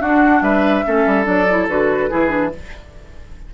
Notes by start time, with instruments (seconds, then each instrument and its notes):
0.00 bassoon D4, clarinet D4, oboe F#4, flute F#5
0.41 bassoon G3, oboe B4, flute E5
0.85 bassoon A3, clarinet C#4, oboe A4
1.06 bassoon G3
1.24 bassoon F#3, clarinet D4, flute D5
1.50 clarinet E4
1.68 bassoon D3, clarinet F#4, flute B4
2.10 bassoon E3, clarinet E4, oboe G#4
2.29 clarinet D4